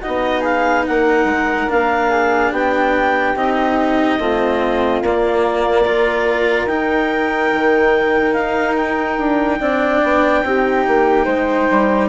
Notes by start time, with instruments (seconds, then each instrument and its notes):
0.00 cello D#4, flute F#4, clarinet D#5
0.07 bassoon B3
0.40 flute G#4, clarinet F5
0.86 bassoon A#3, flute A#4, clarinet F#5
1.24 bassoon G#3
1.68 bassoon A#3, cello D4, clarinet F5
2.09 flute G#4
2.51 bassoon B3, flute G4, clarinet G5
3.35 bassoon C4, cello D#4, clarinet D#5
4.19 bassoon A3, cello C4, flute F4
5.01 bassoon A#3, cello A#3, clarinet D5
5.82 cello F4, flute A#4
6.66 bassoon D#4, cello D#4, clarinet G5
7.52 bassoon D#3
8.33 bassoon D#4, clarinet F5
8.76 clarinet G5
9.18 bassoon D4
9.60 bassoon C4, cello D4, flute D5
10.03 bassoon B3
10.43 bassoon C4, cello D#4, flute G4
10.87 bassoon A#3
11.24 bassoon G#3, flute C5
11.70 bassoon G3